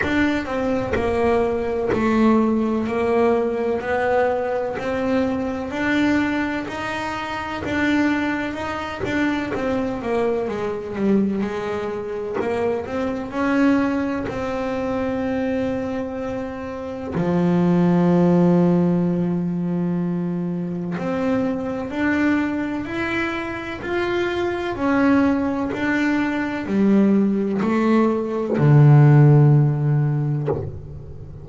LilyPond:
\new Staff \with { instrumentName = "double bass" } { \time 4/4 \tempo 4 = 63 d'8 c'8 ais4 a4 ais4 | b4 c'4 d'4 dis'4 | d'4 dis'8 d'8 c'8 ais8 gis8 g8 | gis4 ais8 c'8 cis'4 c'4~ |
c'2 f2~ | f2 c'4 d'4 | e'4 f'4 cis'4 d'4 | g4 a4 d2 | }